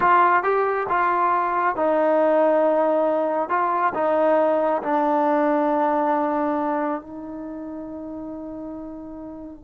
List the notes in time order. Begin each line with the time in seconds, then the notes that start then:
0.00 F4
0.43 G4
0.89 F4
1.75 D#4
3.49 F4
3.94 D#4
4.82 D4
7.01 D#4